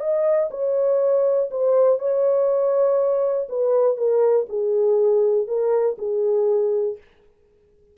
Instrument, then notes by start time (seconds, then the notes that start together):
horn
0.00 D#5
0.51 C#5
1.51 C5
1.99 C#5
3.49 B4
3.97 A#4
4.49 G#4
5.47 A#4
5.98 G#4